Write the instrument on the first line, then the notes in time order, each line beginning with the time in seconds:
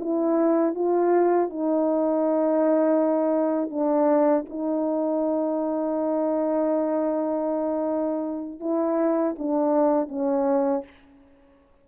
horn
0.00 E4
0.75 F4
1.50 D#4
3.71 D4
4.49 D#4
8.60 E4
9.39 D4
10.09 C#4